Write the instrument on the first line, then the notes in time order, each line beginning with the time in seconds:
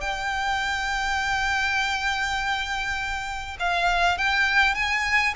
violin
0.00 G5
3.59 F5
4.17 G5
4.74 G#5